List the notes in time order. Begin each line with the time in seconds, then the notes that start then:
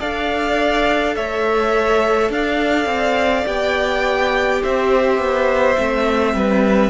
0.00 D4 A4 D5 F5
1.16 A3 C#5 E5
2.30 D4 D5 F5
2.86 C4
3.46 B3 G4 G5
4.63 C4 C5 E5
5.19 B3
5.77 A3 C4
6.35 G3 B4